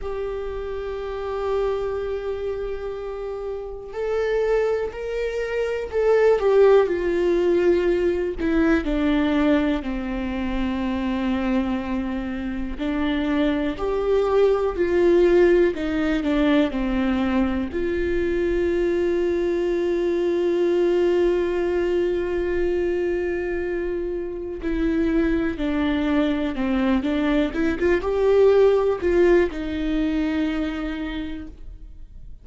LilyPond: \new Staff \with { instrumentName = "viola" } { \time 4/4 \tempo 4 = 61 g'1 | a'4 ais'4 a'8 g'8 f'4~ | f'8 e'8 d'4 c'2~ | c'4 d'4 g'4 f'4 |
dis'8 d'8 c'4 f'2~ | f'1~ | f'4 e'4 d'4 c'8 d'8 | e'16 f'16 g'4 f'8 dis'2 | }